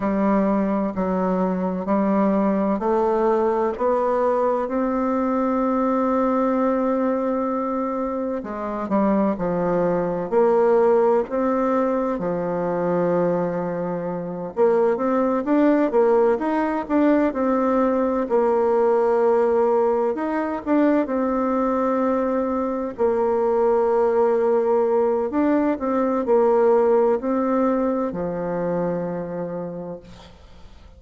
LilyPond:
\new Staff \with { instrumentName = "bassoon" } { \time 4/4 \tempo 4 = 64 g4 fis4 g4 a4 | b4 c'2.~ | c'4 gis8 g8 f4 ais4 | c'4 f2~ f8 ais8 |
c'8 d'8 ais8 dis'8 d'8 c'4 ais8~ | ais4. dis'8 d'8 c'4.~ | c'8 ais2~ ais8 d'8 c'8 | ais4 c'4 f2 | }